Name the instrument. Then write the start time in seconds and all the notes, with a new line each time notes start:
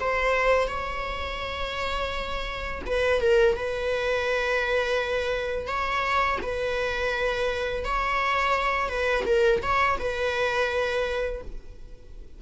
viola
0.00 C5
0.68 C#5
2.86 B4
3.21 A#4
3.56 B4
5.67 C#5
6.43 B4
7.84 C#5
8.89 B4
9.26 A#4
9.63 C#5
9.99 B4